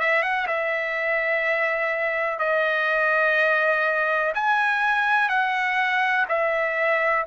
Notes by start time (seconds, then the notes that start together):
0.00 E5
0.23 F#5
0.48 E5
2.39 D#5
4.35 G#5
5.29 F#5
6.29 E5